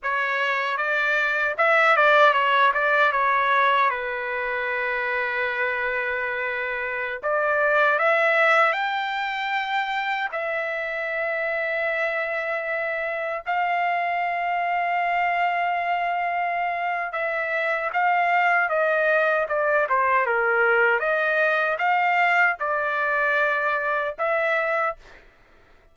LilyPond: \new Staff \with { instrumentName = "trumpet" } { \time 4/4 \tempo 4 = 77 cis''4 d''4 e''8 d''8 cis''8 d''8 | cis''4 b'2.~ | b'4~ b'16 d''4 e''4 g''8.~ | g''4~ g''16 e''2~ e''8.~ |
e''4~ e''16 f''2~ f''8.~ | f''2 e''4 f''4 | dis''4 d''8 c''8 ais'4 dis''4 | f''4 d''2 e''4 | }